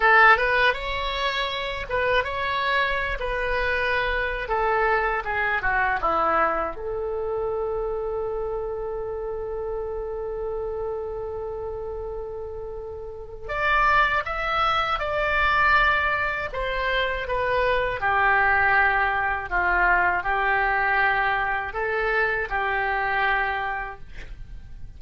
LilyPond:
\new Staff \with { instrumentName = "oboe" } { \time 4/4 \tempo 4 = 80 a'8 b'8 cis''4. b'8 cis''4~ | cis''16 b'4.~ b'16 a'4 gis'8 fis'8 | e'4 a'2.~ | a'1~ |
a'2 d''4 e''4 | d''2 c''4 b'4 | g'2 f'4 g'4~ | g'4 a'4 g'2 | }